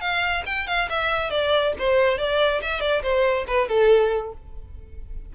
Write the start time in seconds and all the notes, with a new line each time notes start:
0.00 F5
0.46 G5
0.67 F5
0.89 E5
1.30 D5
1.79 C5
2.18 D5
2.61 E5
2.80 D5
3.02 C5
3.47 B4
3.68 A4